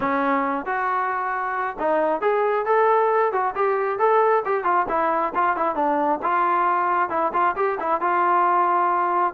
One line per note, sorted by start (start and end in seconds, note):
0.00 0.65 C#4
0.65 1.77 F#4
1.79 2.21 D#4
2.21 2.65 G#4
2.65 3.32 A4
3.32 3.54 F#4
3.55 3.99 G4
3.99 4.43 A4
4.45 4.63 G4
4.63 4.86 F4
4.88 5.33 E4
5.34 5.56 F4
5.56 5.75 E4
5.75 6.19 D4
6.22 7.09 F4
7.09 7.32 E4
7.33 7.55 F4
7.56 7.78 G4
7.79 8.00 E4
8.00 9.33 F4